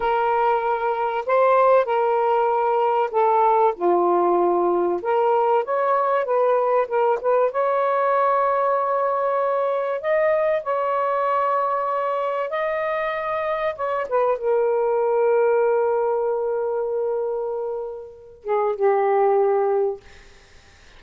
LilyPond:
\new Staff \with { instrumentName = "saxophone" } { \time 4/4 \tempo 4 = 96 ais'2 c''4 ais'4~ | ais'4 a'4 f'2 | ais'4 cis''4 b'4 ais'8 b'8 | cis''1 |
dis''4 cis''2. | dis''2 cis''8 b'8 ais'4~ | ais'1~ | ais'4. gis'8 g'2 | }